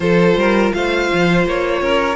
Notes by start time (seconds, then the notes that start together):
0.00 F3 F4 A4 C5
0.35 G3 A#4
0.73 A3 C5 F5
1.13 F3
1.46 A#3 C#5
1.81 C#4 A#4